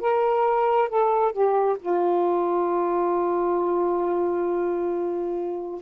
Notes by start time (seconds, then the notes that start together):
0.00 A#4
0.89 A4
1.32 G4
1.79 F4